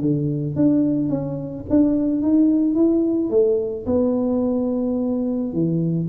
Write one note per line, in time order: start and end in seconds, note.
0.00 0.55 D3
0.55 1.09 D4
1.09 1.64 C#4
1.69 2.22 D4
2.22 2.74 D#4
2.74 3.30 E4
3.30 3.85 A3
3.86 5.52 B3
5.52 6.08 E3